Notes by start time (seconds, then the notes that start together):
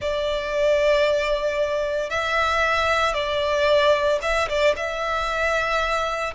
0.01 D5
2.10 E5
3.13 D5
4.22 E5
4.48 D5
4.76 E5